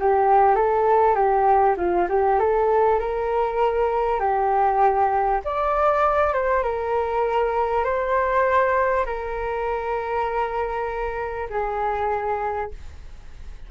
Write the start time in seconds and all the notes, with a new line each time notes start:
0.00 G4
0.56 A4
1.15 G4
1.77 F4
2.10 G4
2.40 A4
3.00 A#4
4.20 G4
5.45 D5
6.34 C5
6.63 A#4
7.85 C5
9.06 A#4
11.50 G#4